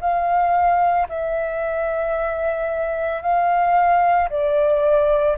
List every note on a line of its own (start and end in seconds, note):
0.00 1.07 F5
1.09 3.21 E5
3.21 4.29 F5
4.29 5.36 D5